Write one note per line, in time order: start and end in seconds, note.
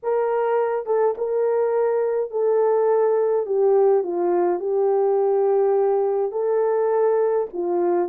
0.02 0.86 A#4
0.86 1.15 A4
1.17 2.30 A#4
2.30 3.46 A4
3.46 4.03 G4
4.03 4.59 F4
4.59 6.31 G4
6.31 7.47 A4
7.53 8.08 F4